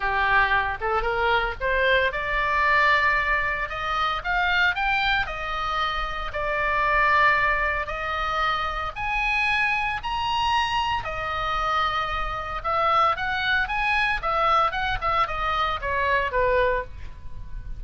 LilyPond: \new Staff \with { instrumentName = "oboe" } { \time 4/4 \tempo 4 = 114 g'4. a'8 ais'4 c''4 | d''2. dis''4 | f''4 g''4 dis''2 | d''2. dis''4~ |
dis''4 gis''2 ais''4~ | ais''4 dis''2. | e''4 fis''4 gis''4 e''4 | fis''8 e''8 dis''4 cis''4 b'4 | }